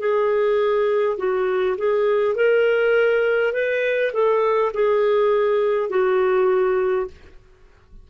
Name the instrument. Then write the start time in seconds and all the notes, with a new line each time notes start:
clarinet
0.00 G#4
1.18 F#4
1.78 G#4
2.36 A#4
3.53 B4
4.13 A4
4.74 G#4
5.90 F#4